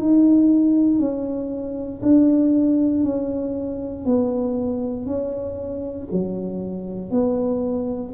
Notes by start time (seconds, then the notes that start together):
0.00 D#4
1.00 C#4
2.03 D4
3.04 C#4
4.05 B3
5.07 C#4
6.12 F#3
7.11 B3